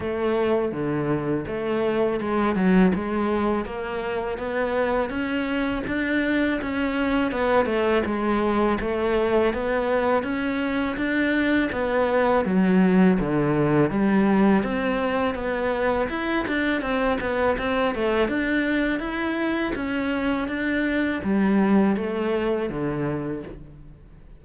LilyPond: \new Staff \with { instrumentName = "cello" } { \time 4/4 \tempo 4 = 82 a4 d4 a4 gis8 fis8 | gis4 ais4 b4 cis'4 | d'4 cis'4 b8 a8 gis4 | a4 b4 cis'4 d'4 |
b4 fis4 d4 g4 | c'4 b4 e'8 d'8 c'8 b8 | c'8 a8 d'4 e'4 cis'4 | d'4 g4 a4 d4 | }